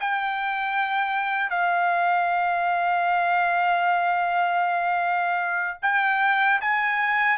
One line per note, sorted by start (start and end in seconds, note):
0.00 1.49 G5
1.49 5.78 F5
5.82 6.60 G5
6.61 7.37 G#5